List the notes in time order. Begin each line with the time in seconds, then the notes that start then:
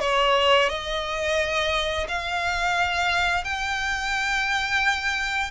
0.00 C#5
0.69 D#5
2.08 F5
3.44 G5